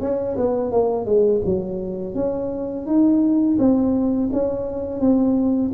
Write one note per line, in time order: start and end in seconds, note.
0.00 0.36 C#4
0.37 0.71 B3
0.71 1.05 A#3
1.05 1.41 G#3
1.45 2.14 F#3
2.14 2.86 C#4
2.86 3.57 D#4
3.58 4.30 C4
4.32 5.00 C#4
5.00 5.71 C4